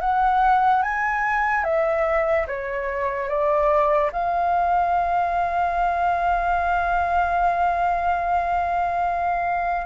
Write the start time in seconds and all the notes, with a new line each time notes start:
0.00 F#5
0.82 G#5
1.64 E5
2.47 C#5
3.28 D5
4.12 F5